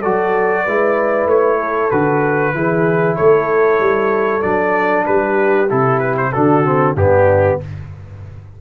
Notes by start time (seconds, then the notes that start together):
0.00 F#3 F#4 A4 D5
0.65 G#3 E4 B4
1.27 A3 C#5
1.59 A4
1.91 D3 F#4 B4
2.55 E3 E4 G#4
3.17 A3 A4 C#5
3.80 G3
4.42 F#3 D4 D5
5.06 G3 G4 B4
5.69 C3 E4 A4
6.00 B4
6.18 C5
6.33 D3 D4 F#4 A4
6.65 C4
6.96 G2 B3 D4 G4